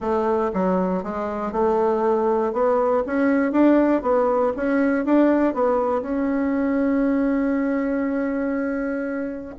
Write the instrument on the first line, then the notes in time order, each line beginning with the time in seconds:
bassoon
0.00 A3
0.53 F#3
1.03 G#3
1.51 A3
2.52 B3
3.06 C#4
3.52 D4
4.02 B3
4.56 C#4
5.05 D4
5.53 B3
6.01 C#4